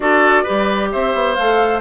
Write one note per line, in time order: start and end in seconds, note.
0.00 0.44 D4
0.00 0.45 F#4
0.00 0.43 A4
0.00 0.90 D5
0.43 1.36 G4
0.43 0.89 B4
0.49 0.93 G3
0.91 1.14 C4
0.91 1.80 C5
0.91 1.34 E5
1.14 1.37 B3
1.34 1.80 A3
1.34 1.80 A4
1.34 1.80 F5